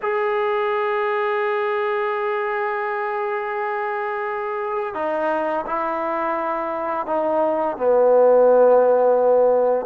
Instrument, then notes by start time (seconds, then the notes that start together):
trombone
0.02 G#4
4.94 D#4
5.66 E4
7.06 D#4
7.77 B3